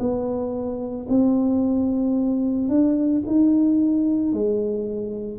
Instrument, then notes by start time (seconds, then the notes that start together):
tuba
0.00 B3
1.09 C4
2.69 D4
3.27 D#4
4.33 G#3